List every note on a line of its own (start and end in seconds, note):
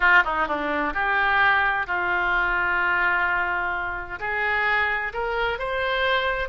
0.00 0.23 F4
0.24 0.47 D#4
0.47 0.93 D4
0.93 1.86 G4
1.86 4.19 F4
4.19 5.12 G#4
5.13 5.58 A#4
5.58 6.48 C5